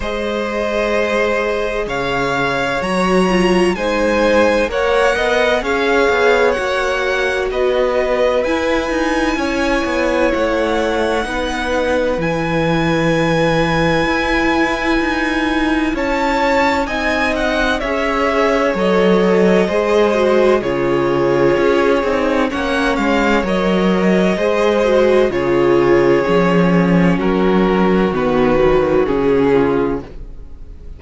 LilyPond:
<<
  \new Staff \with { instrumentName = "violin" } { \time 4/4 \tempo 4 = 64 dis''2 f''4 ais''4 | gis''4 fis''4 f''4 fis''4 | dis''4 gis''2 fis''4~ | fis''4 gis''2.~ |
gis''4 a''4 gis''8 fis''8 e''4 | dis''2 cis''2 | fis''8 f''8 dis''2 cis''4~ | cis''4 ais'4 b'4 gis'4 | }
  \new Staff \with { instrumentName = "violin" } { \time 4/4 c''2 cis''2 | c''4 cis''8 dis''8 cis''2 | b'2 cis''2 | b'1~ |
b'4 cis''4 dis''4 cis''4~ | cis''4 c''4 gis'2 | cis''2 c''4 gis'4~ | gis'4 fis'2~ fis'8 f'8 | }
  \new Staff \with { instrumentName = "viola" } { \time 4/4 gis'2. fis'8 f'8 | dis'4 ais'4 gis'4 fis'4~ | fis'4 e'2. | dis'4 e'2.~ |
e'2 dis'4 gis'4 | a'4 gis'8 fis'8 f'4. dis'8 | cis'4 ais'4 gis'8 fis'8 f'4 | cis'2 b8 fis8 cis'4 | }
  \new Staff \with { instrumentName = "cello" } { \time 4/4 gis2 cis4 fis4 | gis4 ais8 b8 cis'8 b8 ais4 | b4 e'8 dis'8 cis'8 b8 a4 | b4 e2 e'4 |
dis'4 cis'4 c'4 cis'4 | fis4 gis4 cis4 cis'8 c'8 | ais8 gis8 fis4 gis4 cis4 | f4 fis4 dis4 cis4 | }
>>